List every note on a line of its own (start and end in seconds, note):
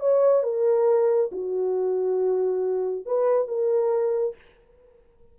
0.00 0.43 C#5
0.43 1.31 A#4
1.32 3.06 F#4
3.06 3.48 B4
3.48 4.36 A#4